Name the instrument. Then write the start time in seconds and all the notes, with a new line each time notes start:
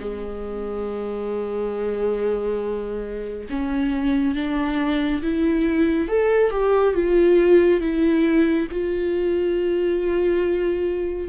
viola
0.00 G#3
3.50 C#4
4.35 D4
5.22 E4
6.08 A4
6.51 G4
6.94 F4
7.81 E4
8.71 F4